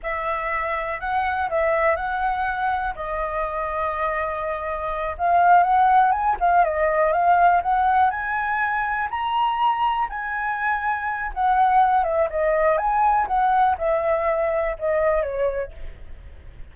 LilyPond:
\new Staff \with { instrumentName = "flute" } { \time 4/4 \tempo 4 = 122 e''2 fis''4 e''4 | fis''2 dis''2~ | dis''2~ dis''8 f''4 fis''8~ | fis''8 gis''8 f''8 dis''4 f''4 fis''8~ |
fis''8 gis''2 ais''4.~ | ais''8 gis''2~ gis''8 fis''4~ | fis''8 e''8 dis''4 gis''4 fis''4 | e''2 dis''4 cis''4 | }